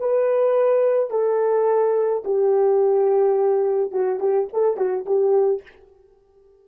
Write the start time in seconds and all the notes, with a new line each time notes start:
0.00 B4
1.10 A4
2.25 G4
3.91 F#4
4.20 G4
4.53 A4
4.77 F#4
5.06 G4